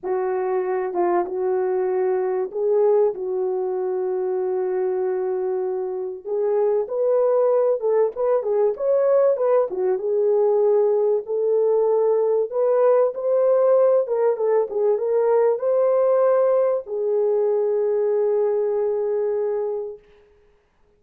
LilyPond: \new Staff \with { instrumentName = "horn" } { \time 4/4 \tempo 4 = 96 fis'4. f'8 fis'2 | gis'4 fis'2.~ | fis'2 gis'4 b'4~ | b'8 a'8 b'8 gis'8 cis''4 b'8 fis'8 |
gis'2 a'2 | b'4 c''4. ais'8 a'8 gis'8 | ais'4 c''2 gis'4~ | gis'1 | }